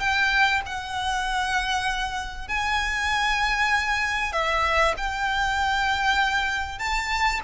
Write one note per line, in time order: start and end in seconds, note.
0.00 0.62 G5
0.66 2.48 F#5
2.48 4.33 G#5
4.33 4.95 E5
4.97 6.79 G5
6.79 7.41 A5